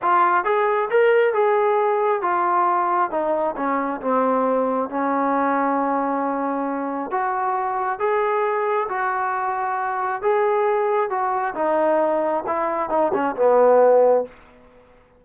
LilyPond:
\new Staff \with { instrumentName = "trombone" } { \time 4/4 \tempo 4 = 135 f'4 gis'4 ais'4 gis'4~ | gis'4 f'2 dis'4 | cis'4 c'2 cis'4~ | cis'1 |
fis'2 gis'2 | fis'2. gis'4~ | gis'4 fis'4 dis'2 | e'4 dis'8 cis'8 b2 | }